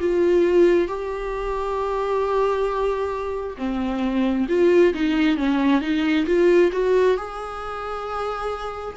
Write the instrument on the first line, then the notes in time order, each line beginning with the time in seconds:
viola
0.00 F4
0.88 G4
3.57 C4
4.49 F4
4.94 D#4
5.37 C#4
5.81 D#4
6.26 F4
6.72 F#4
7.17 G#4